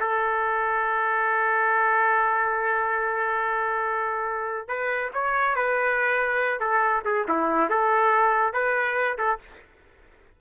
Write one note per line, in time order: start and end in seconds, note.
0.00 4.68 A4
4.68 5.11 B4
5.13 5.55 C#5
5.55 6.60 B4
6.60 7.03 A4
7.05 7.26 G#4
7.28 7.69 E4
7.69 8.53 A4
8.53 9.17 B4
9.18 9.39 A4